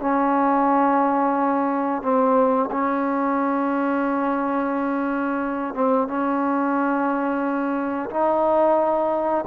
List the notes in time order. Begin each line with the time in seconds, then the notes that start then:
0.00 C#4
2.02 C4
2.72 C#4
5.75 C4
6.08 C#4
8.10 D#4